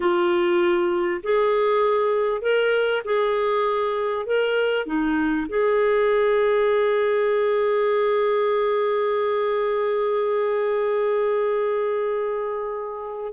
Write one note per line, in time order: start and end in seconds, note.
0.00 1.21 F4
1.23 2.41 G#4
2.41 3.02 A#4
3.05 4.26 G#4
4.26 4.86 A#4
4.86 5.46 D#4
5.48 13.33 G#4